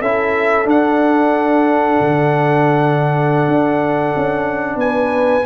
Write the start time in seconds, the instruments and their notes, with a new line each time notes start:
0.00 tuba C#4, trombone E4, horn A4, trumpet E5
0.64 trombone D4, tuba D4, trumpet F#5
2.00 tuba D3
3.48 tuba D4
4.16 tuba C#4
4.76 tuba B3, horn B4, trumpet G#5